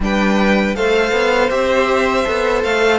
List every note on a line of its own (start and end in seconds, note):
0.00 0.75 G3
0.00 0.75 D4
0.00 0.76 B4
0.00 0.75 G5
0.75 1.12 A3
0.75 1.50 A4
0.75 2.99 C5
0.75 1.50 F5
1.12 1.49 B3
1.50 2.25 C4
1.50 2.25 G4
1.50 2.62 E5
2.25 2.64 B3
2.25 2.99 A4
2.64 2.99 A3
2.64 2.99 F5